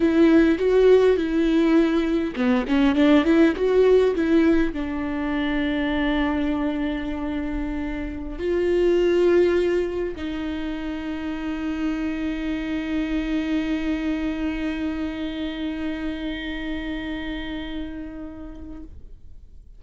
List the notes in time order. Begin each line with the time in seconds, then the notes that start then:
0.00 E4
0.58 F#4
1.16 E4
2.35 B3
2.67 C#4
2.95 D4
3.24 E4
3.56 F#4
4.15 E4
4.73 D4
8.38 F4
10.15 D#4